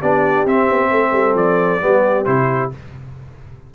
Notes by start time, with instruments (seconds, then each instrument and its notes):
0.00 tuba B3, trombone D4, horn G4, trumpet D5
0.45 tuba C4, trombone C4, trumpet E5
0.69 tuba B3
0.91 tuba A3, horn A4
1.12 tuba G3
1.34 tuba F3, trumpet D5
1.81 tuba G3, trombone B3, horn G4
2.25 tuba C3, trombone E4, trumpet C5